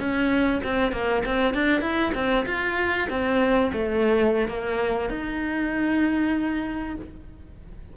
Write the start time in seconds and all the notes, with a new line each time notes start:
0.00 C#4
0.64 C4
0.92 A#3
1.25 C4
1.54 D4
1.81 E4
2.15 C4
2.46 F4
3.10 C4
3.73 A3
4.48 A#3
5.10 D#4